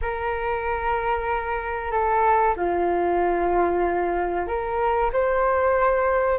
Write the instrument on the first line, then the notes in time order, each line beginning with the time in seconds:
flute
0.01 A#4
1.91 A4
2.56 F4
4.47 A#4
5.12 C5